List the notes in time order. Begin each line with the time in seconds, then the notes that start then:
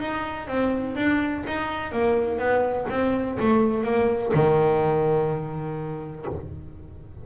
0.00 D#4
0.47 C4
0.95 D4
1.46 D#4
1.92 A#3
2.38 B3
2.90 C4
3.39 A3
3.84 A#3
4.34 D#3